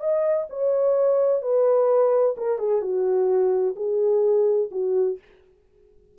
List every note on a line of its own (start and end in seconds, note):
0.00 0.47 D#5
0.49 1.42 C#5
1.42 2.35 B4
2.37 2.58 A#4
2.58 2.81 G#4
2.81 3.75 F#4
3.76 4.70 G#4
4.71 5.18 F#4